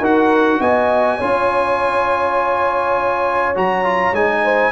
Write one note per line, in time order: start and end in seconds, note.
0.00 0.59 D#4
0.00 1.20 F#4
0.00 0.59 A#4
0.00 0.61 F#5
0.60 1.19 B3
0.60 1.17 D#5
0.60 3.55 G#5
1.17 3.56 C#4
1.17 3.55 F4
1.17 4.41 C#5
3.55 4.12 F#3
3.55 3.84 F#4
3.55 4.15 A#5
3.84 4.14 F4
4.12 4.71 G#3
4.12 4.71 D#4
4.12 4.71 G#5
4.43 4.71 C5